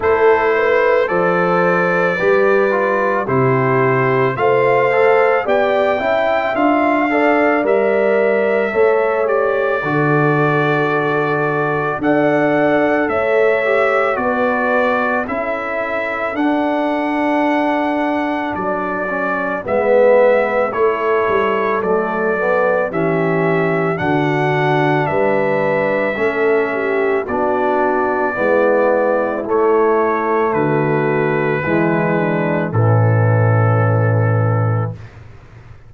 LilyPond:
<<
  \new Staff \with { instrumentName = "trumpet" } { \time 4/4 \tempo 4 = 55 c''4 d''2 c''4 | f''4 g''4 f''4 e''4~ | e''8 d''2~ d''8 fis''4 | e''4 d''4 e''4 fis''4~ |
fis''4 d''4 e''4 cis''4 | d''4 e''4 fis''4 e''4~ | e''4 d''2 cis''4 | b'2 a'2 | }
  \new Staff \with { instrumentName = "horn" } { \time 4/4 a'8 b'8 c''4 b'4 g'4 | c''4 d''8 e''4 d''4. | cis''4 a'2 d''4 | cis''4 b'4 a'2~ |
a'2 b'4 a'4~ | a'4 g'4 fis'4 b'4 | a'8 g'8 fis'4 e'2 | fis'4 e'8 d'8 cis'2 | }
  \new Staff \with { instrumentName = "trombone" } { \time 4/4 e'4 a'4 g'8 f'8 e'4 | f'8 a'8 g'8 e'8 f'8 a'8 ais'4 | a'8 g'8 fis'2 a'4~ | a'8 g'8 fis'4 e'4 d'4~ |
d'4. cis'8 b4 e'4 | a8 b8 cis'4 d'2 | cis'4 d'4 b4 a4~ | a4 gis4 e2 | }
  \new Staff \with { instrumentName = "tuba" } { \time 4/4 a4 f4 g4 c4 | a4 b8 cis'8 d'4 g4 | a4 d2 d'4 | a4 b4 cis'4 d'4~ |
d'4 fis4 gis4 a8 g8 | fis4 e4 d4 g4 | a4 b4 gis4 a4 | d4 e4 a,2 | }
>>